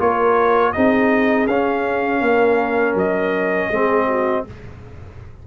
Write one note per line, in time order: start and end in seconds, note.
0.00 0.74 A#3
0.00 0.74 F4
0.00 0.74 A#4
0.00 0.73 C#5
0.73 1.47 C4
0.73 1.48 D#4
0.73 2.23 G#4
0.73 1.47 D#5
1.47 2.21 C#4
1.47 3.73 C#4
1.47 2.96 F5
2.21 2.95 A#3
2.21 3.70 A#4
2.95 3.69 F#3
2.95 4.46 D#5
3.70 4.45 G#3
3.70 4.47 C4
3.70 4.07 G#4
4.07 4.44 F#4